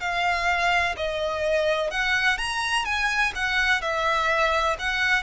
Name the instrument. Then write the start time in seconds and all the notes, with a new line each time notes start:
violin
0.00 F5
0.96 D#5
1.90 F#5
2.38 A#5
2.84 G#5
3.35 F#5
3.81 E5
4.78 F#5